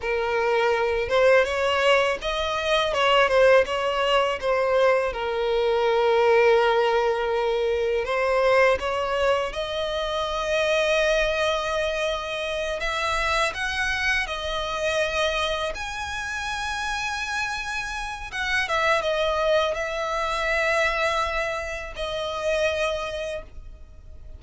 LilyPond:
\new Staff \with { instrumentName = "violin" } { \time 4/4 \tempo 4 = 82 ais'4. c''8 cis''4 dis''4 | cis''8 c''8 cis''4 c''4 ais'4~ | ais'2. c''4 | cis''4 dis''2.~ |
dis''4. e''4 fis''4 dis''8~ | dis''4. gis''2~ gis''8~ | gis''4 fis''8 e''8 dis''4 e''4~ | e''2 dis''2 | }